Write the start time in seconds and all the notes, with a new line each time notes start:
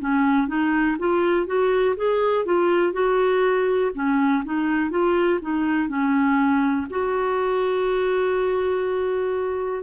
0.00 C#4
0.48 D#4
0.99 F4
1.47 F#4
1.97 G#4
2.45 F4
2.93 F#4
3.95 C#4
4.45 D#4
4.91 F4
5.42 D#4
5.89 C#4
6.90 F#4